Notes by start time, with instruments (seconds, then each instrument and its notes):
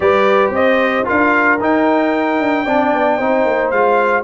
0.00 tuba G3, trombone G4, horn B4, trumpet D5
0.50 tuba C4, horn C5, trumpet D#5
1.04 tuba D4, trombone F4, horn A#4, trumpet F5
1.60 trombone D#4, tuba D#4, trumpet G5
2.39 tuba D4
2.64 tuba C4, trombone D4, horn D5
2.93 tuba B3
3.17 tuba C4, trombone D#4, horn C5
3.45 tuba A#3
3.70 tuba G#3, trombone F4, trumpet F5